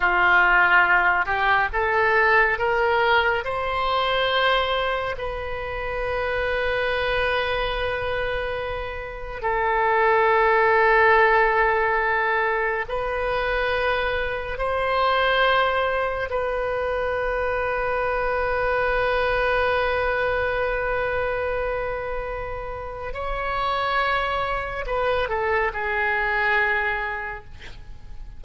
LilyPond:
\new Staff \with { instrumentName = "oboe" } { \time 4/4 \tempo 4 = 70 f'4. g'8 a'4 ais'4 | c''2 b'2~ | b'2. a'4~ | a'2. b'4~ |
b'4 c''2 b'4~ | b'1~ | b'2. cis''4~ | cis''4 b'8 a'8 gis'2 | }